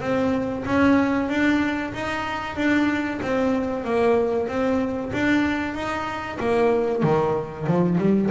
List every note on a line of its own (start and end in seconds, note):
0.00 0.64 C4
0.65 1.29 C#4
1.29 1.92 D4
1.93 2.56 D#4
2.56 3.20 D4
3.22 3.84 C4
3.84 4.48 A#3
4.48 5.12 C4
5.12 5.74 D4
5.74 6.38 D#4
6.39 7.03 A#3
7.03 7.67 D#3
7.67 7.98 F3
7.98 8.29 G3